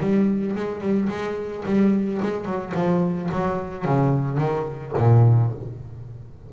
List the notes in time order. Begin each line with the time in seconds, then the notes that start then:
0.00 G3
0.56 G#3
0.81 G3
1.09 G#3
1.66 G3
2.22 G#3
2.45 F#3
2.74 F3
3.32 F#3
3.85 C#3
4.38 D#3
4.98 A#2